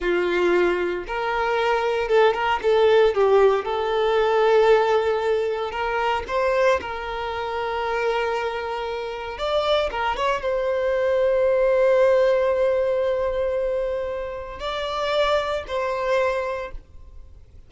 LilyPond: \new Staff \with { instrumentName = "violin" } { \time 4/4 \tempo 4 = 115 f'2 ais'2 | a'8 ais'8 a'4 g'4 a'4~ | a'2. ais'4 | c''4 ais'2.~ |
ais'2 d''4 ais'8 cis''8 | c''1~ | c''1 | d''2 c''2 | }